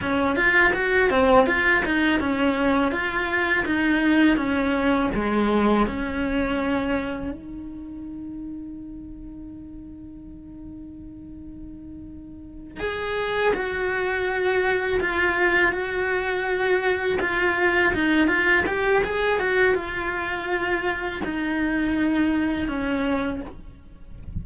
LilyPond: \new Staff \with { instrumentName = "cello" } { \time 4/4 \tempo 4 = 82 cis'8 f'8 fis'8 c'8 f'8 dis'8 cis'4 | f'4 dis'4 cis'4 gis4 | cis'2 dis'2~ | dis'1~ |
dis'4. gis'4 fis'4.~ | fis'8 f'4 fis'2 f'8~ | f'8 dis'8 f'8 g'8 gis'8 fis'8 f'4~ | f'4 dis'2 cis'4 | }